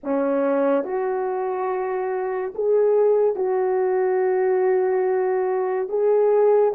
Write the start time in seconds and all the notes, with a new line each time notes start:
0.03 C#4
0.84 F#4
2.54 G#4
3.35 F#4
5.88 G#4